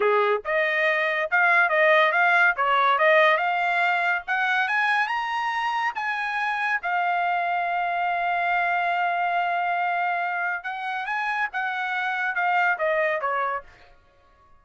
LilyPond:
\new Staff \with { instrumentName = "trumpet" } { \time 4/4 \tempo 4 = 141 gis'4 dis''2 f''4 | dis''4 f''4 cis''4 dis''4 | f''2 fis''4 gis''4 | ais''2 gis''2 |
f''1~ | f''1~ | f''4 fis''4 gis''4 fis''4~ | fis''4 f''4 dis''4 cis''4 | }